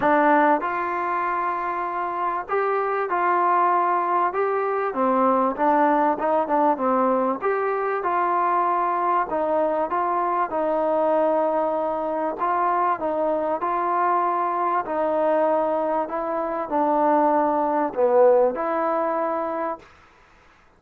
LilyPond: \new Staff \with { instrumentName = "trombone" } { \time 4/4 \tempo 4 = 97 d'4 f'2. | g'4 f'2 g'4 | c'4 d'4 dis'8 d'8 c'4 | g'4 f'2 dis'4 |
f'4 dis'2. | f'4 dis'4 f'2 | dis'2 e'4 d'4~ | d'4 b4 e'2 | }